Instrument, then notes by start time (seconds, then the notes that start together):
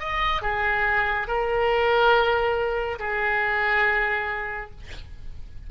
oboe
0.00 D#5
0.42 G#4
1.28 A#4
2.99 G#4